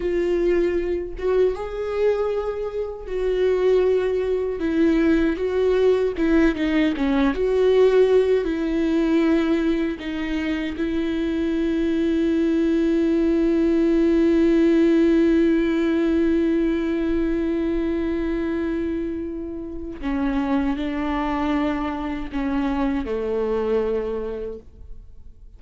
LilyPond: \new Staff \with { instrumentName = "viola" } { \time 4/4 \tempo 4 = 78 f'4. fis'8 gis'2 | fis'2 e'4 fis'4 | e'8 dis'8 cis'8 fis'4. e'4~ | e'4 dis'4 e'2~ |
e'1~ | e'1~ | e'2 cis'4 d'4~ | d'4 cis'4 a2 | }